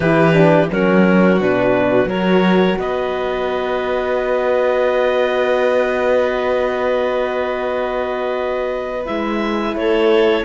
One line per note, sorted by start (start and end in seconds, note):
0.00 0.70 E3
0.00 0.33 E4
0.00 0.70 G4
0.00 0.69 B4
0.33 0.68 D4
0.70 1.40 F#3
0.70 1.39 C#4
0.70 2.09 F#4
0.70 1.41 A#4
1.39 2.05 B2
1.39 2.09 D4
1.39 2.09 B4
2.05 2.75 F#3
2.05 9.05 F#4
2.05 2.78 A#4
2.05 2.78 C#5
2.78 9.06 B3
2.78 9.79 B4
2.78 9.06 D#5
9.05 9.75 G#3
9.05 10.44 E4
9.05 9.75 E5
9.75 10.44 A3
9.75 10.45 A4
9.75 10.45 C#5